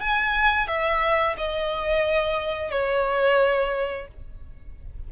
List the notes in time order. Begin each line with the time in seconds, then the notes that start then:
0.00 G#5
0.68 E5
1.37 D#5
2.71 C#5